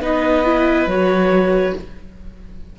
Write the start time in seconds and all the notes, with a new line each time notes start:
0.00 B3 D#4 B4 D#5
0.45 E4
0.86 F#3 F#4 C#5